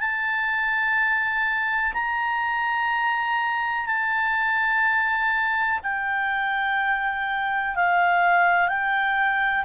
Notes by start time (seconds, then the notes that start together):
0.00 A5
1.94 A#5
3.86 A5
5.83 G5
7.76 F5
8.68 G5